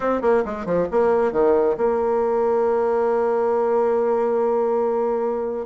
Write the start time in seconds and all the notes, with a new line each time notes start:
0.00 C4
0.21 A#3
0.45 G#3
0.65 F3
0.91 A#3
1.32 D#3
1.77 A#3